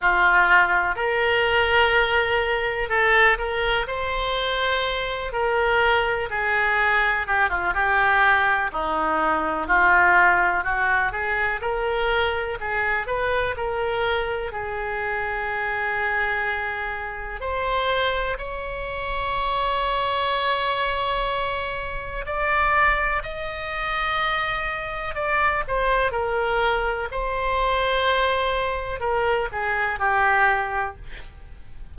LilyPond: \new Staff \with { instrumentName = "oboe" } { \time 4/4 \tempo 4 = 62 f'4 ais'2 a'8 ais'8 | c''4. ais'4 gis'4 g'16 f'16 | g'4 dis'4 f'4 fis'8 gis'8 | ais'4 gis'8 b'8 ais'4 gis'4~ |
gis'2 c''4 cis''4~ | cis''2. d''4 | dis''2 d''8 c''8 ais'4 | c''2 ais'8 gis'8 g'4 | }